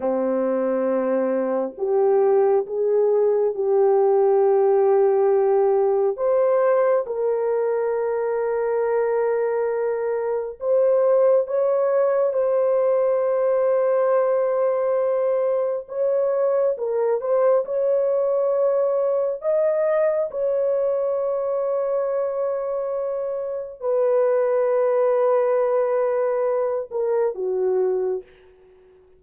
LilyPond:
\new Staff \with { instrumentName = "horn" } { \time 4/4 \tempo 4 = 68 c'2 g'4 gis'4 | g'2. c''4 | ais'1 | c''4 cis''4 c''2~ |
c''2 cis''4 ais'8 c''8 | cis''2 dis''4 cis''4~ | cis''2. b'4~ | b'2~ b'8 ais'8 fis'4 | }